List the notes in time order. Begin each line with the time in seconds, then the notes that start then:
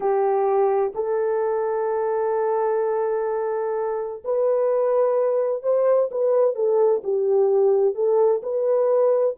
0.00 G4
0.94 A4
4.24 B4
5.62 C5
6.11 B4
6.55 A4
7.03 G4
7.94 A4
8.42 B4